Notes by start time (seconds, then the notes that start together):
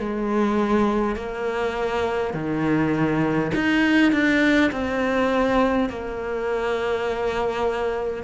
0.00 G#3
1.17 A#3
2.34 D#3
3.55 D#4
4.12 D4
4.72 C4
5.90 A#3